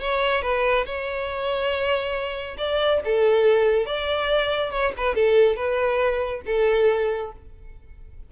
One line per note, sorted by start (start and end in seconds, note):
0.00 0.42 C#5
0.42 0.85 B4
0.86 2.57 C#5
2.57 3.00 D5
3.05 3.86 A4
3.86 4.71 D5
4.71 4.92 C#5
4.97 5.15 B4
5.15 5.56 A4
5.56 6.42 B4
6.46 7.32 A4